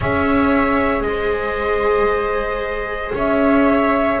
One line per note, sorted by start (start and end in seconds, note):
0.00 1.01 C#4
0.00 4.20 G#4
0.00 1.03 C#5
0.00 1.02 E5
1.01 3.11 G#3
1.01 3.12 D#5
1.07 3.15 C5
3.14 4.19 C#4
3.14 4.20 C#5
3.14 4.20 E5